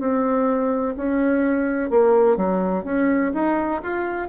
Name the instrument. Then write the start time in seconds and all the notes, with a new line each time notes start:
bassoon
0.00 C4
0.97 C#4
1.90 A#3
2.37 F#3
2.84 C#4
3.34 D#4
3.83 F4